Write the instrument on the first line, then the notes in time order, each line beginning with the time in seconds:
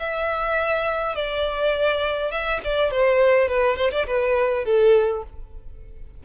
violin
0.00 E5
1.16 D5
2.32 E5
2.65 D5
2.92 C5
3.49 B4
3.77 C5
3.92 D5
4.07 B4
4.65 A4